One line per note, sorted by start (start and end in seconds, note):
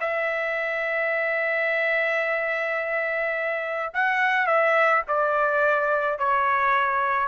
0.00 3.93 E5
3.94 4.47 F#5
4.47 5.03 E5
5.07 6.18 D5
6.18 7.28 C#5